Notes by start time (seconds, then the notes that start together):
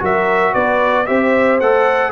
0.00 F#3 F#4 A#4 E5
0.54 B3 B4 D5
1.07 C4 G4 C5 E5
1.61 A3 A4 F#5